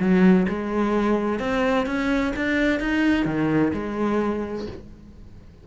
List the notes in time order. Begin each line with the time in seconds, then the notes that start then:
0.00 F#3
0.49 G#3
1.40 C4
1.86 C#4
2.36 D4
2.80 D#4
3.26 D#3
3.73 G#3